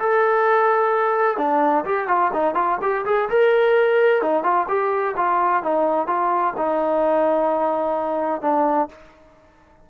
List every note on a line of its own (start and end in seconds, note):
0.00 1.38 A4
1.38 1.85 D4
1.85 2.08 G4
2.08 2.32 F4
2.34 2.55 D#4
2.55 2.78 F4
2.82 3.06 G4
3.06 3.29 G#4
3.30 4.22 A#4
4.22 4.44 D#4
4.44 4.67 F4
4.68 5.15 G4
5.17 5.64 F4
5.64 6.07 D#4
6.07 6.54 F4
6.58 8.42 D#4
8.42 8.89 D4